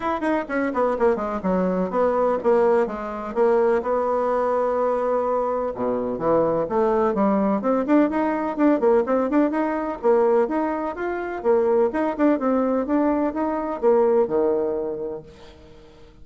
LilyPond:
\new Staff \with { instrumentName = "bassoon" } { \time 4/4 \tempo 4 = 126 e'8 dis'8 cis'8 b8 ais8 gis8 fis4 | b4 ais4 gis4 ais4 | b1 | b,4 e4 a4 g4 |
c'8 d'8 dis'4 d'8 ais8 c'8 d'8 | dis'4 ais4 dis'4 f'4 | ais4 dis'8 d'8 c'4 d'4 | dis'4 ais4 dis2 | }